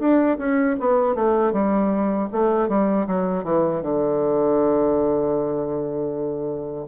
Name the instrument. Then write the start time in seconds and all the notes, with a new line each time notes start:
bassoon
0.00 D4
0.39 C#4
0.80 B3
1.15 A3
1.53 G3
2.33 A3
2.69 G3
3.07 F#3
3.45 E3
3.83 D3